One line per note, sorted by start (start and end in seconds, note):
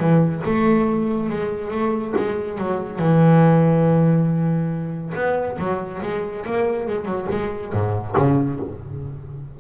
0.00 0.43 E3
0.46 1.30 A3
1.30 1.71 G#3
1.71 2.14 A3
2.17 2.58 G#3
2.58 2.99 F#3
2.99 5.14 E3
5.15 5.58 B3
5.59 6.01 F#3
6.03 6.45 G#3
6.46 6.88 A#3
6.88 7.06 G#3
7.06 7.27 F#3
7.31 7.73 G#3
7.73 8.16 G#2
8.17 8.60 C#3